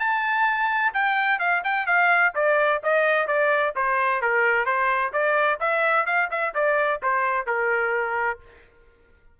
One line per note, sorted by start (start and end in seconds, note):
0.00 0.93 A5
0.94 1.39 G5
1.39 1.63 F5
1.64 1.87 G5
1.87 2.33 F5
2.35 2.82 D5
2.84 3.27 D#5
3.27 3.74 D5
3.76 4.22 C5
4.22 4.66 A#4
4.66 5.12 C5
5.13 5.59 D5
5.60 6.07 E5
6.07 6.30 F5
6.31 6.55 E5
6.55 7.01 D5
7.03 7.47 C5
7.47 8.40 A#4